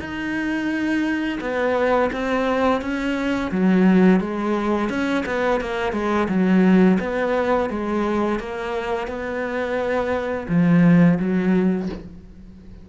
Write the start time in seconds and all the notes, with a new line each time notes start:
0.00 D#4
1.41 B3
2.13 C4
2.82 C#4
3.52 F#3
4.21 G#3
4.90 C#4
5.26 B3
5.61 A#3
5.93 G#3
6.29 F#3
7.00 B3
7.70 G#3
8.39 A#3
9.08 B3
10.49 F3
11.19 F#3